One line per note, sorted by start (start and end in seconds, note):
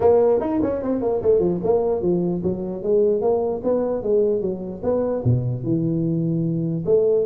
0.00 0.40 A#3
0.40 0.60 D#4
0.62 0.82 C#4
0.82 1.01 C4
1.01 1.21 A#3
1.22 1.39 A3
1.39 1.59 F3
1.63 2.01 A#3
2.01 2.42 F3
2.43 2.83 F#3
2.83 3.21 G#3
3.21 3.61 A#3
3.63 4.03 B3
4.03 4.41 G#3
4.41 4.81 F#3
4.83 5.23 B3
5.24 5.63 B2
5.63 6.84 E3
6.85 7.25 A3